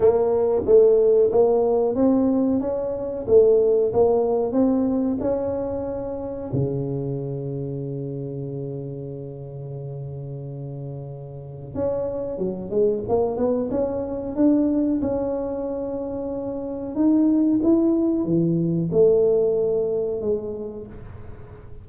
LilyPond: \new Staff \with { instrumentName = "tuba" } { \time 4/4 \tempo 4 = 92 ais4 a4 ais4 c'4 | cis'4 a4 ais4 c'4 | cis'2 cis2~ | cis1~ |
cis2 cis'4 fis8 gis8 | ais8 b8 cis'4 d'4 cis'4~ | cis'2 dis'4 e'4 | e4 a2 gis4 | }